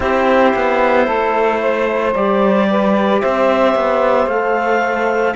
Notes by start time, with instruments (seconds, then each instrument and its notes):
0.00 cello C4, trombone E4, saxophone G4, clarinet C5
0.55 cello B3
1.05 cello A3, saxophone A4
1.60 saxophone C5
2.14 cello G3, trombone G4, clarinet D5
2.70 saxophone B4
3.21 cello C4, saxophone C5, clarinet E5
3.75 cello B3
4.26 cello A3, trombone A4, clarinet F5